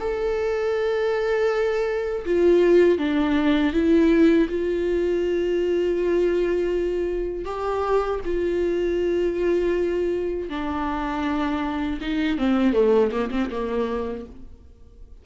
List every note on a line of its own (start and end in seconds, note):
0.00 2.25 A4
2.26 2.99 F4
2.99 3.73 D4
3.73 4.48 E4
4.49 7.45 F4
7.45 8.20 G4
8.25 10.50 F4
10.50 12.00 D4
12.01 12.39 D#4
12.39 12.73 C4
12.73 13.11 A3
13.11 13.30 A#3
13.31 13.50 C4
13.51 14.26 A#3